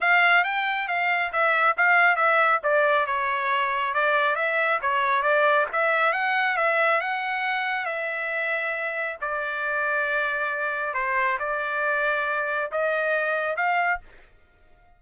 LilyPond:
\new Staff \with { instrumentName = "trumpet" } { \time 4/4 \tempo 4 = 137 f''4 g''4 f''4 e''4 | f''4 e''4 d''4 cis''4~ | cis''4 d''4 e''4 cis''4 | d''4 e''4 fis''4 e''4 |
fis''2 e''2~ | e''4 d''2.~ | d''4 c''4 d''2~ | d''4 dis''2 f''4 | }